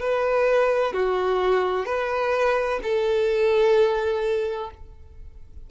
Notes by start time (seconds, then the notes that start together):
0.00 B4
0.93 F#4
1.86 B4
2.83 A4